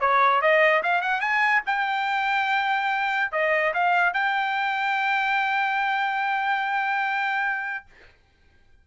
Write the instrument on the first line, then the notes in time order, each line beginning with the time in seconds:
trumpet
0.00 C#5
0.41 D#5
0.83 F5
1.01 F#5
1.20 G#5
1.66 G5
3.32 D#5
3.74 F5
4.13 G5